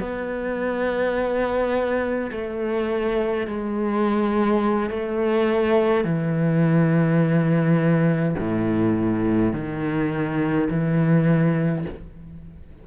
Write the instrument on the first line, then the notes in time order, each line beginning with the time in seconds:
cello
0.00 B3
2.32 A3
3.47 G#3
4.90 A3
6.04 E3
8.39 A2
9.53 D#3
10.70 E3